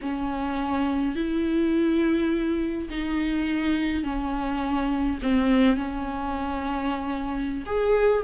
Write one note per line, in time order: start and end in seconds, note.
0.01 1.15 C#4
1.15 2.88 E4
2.90 4.03 D#4
4.03 5.18 C#4
5.22 5.76 C4
5.76 7.63 C#4
7.65 8.23 G#4